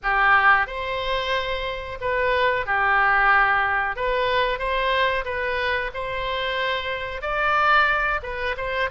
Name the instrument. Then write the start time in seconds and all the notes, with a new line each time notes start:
oboe
0.02 G4
0.66 C5
2.00 B4
2.66 G4
3.96 B4
4.58 C5
5.24 B4
5.93 C5
7.21 D5
8.22 B4
8.57 C5